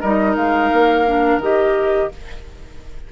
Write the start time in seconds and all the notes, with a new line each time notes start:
0.00 G3 D#4 A#4 D#5
0.35 G#3 F5
0.72 A#3
1.06 D4
1.37 D#3 G4 D#5